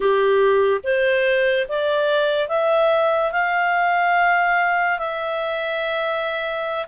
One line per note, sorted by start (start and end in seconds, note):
0.00 0.80 G4
0.83 1.67 C5
1.68 2.48 D5
2.48 3.31 E5
3.31 4.98 F5
4.98 6.86 E5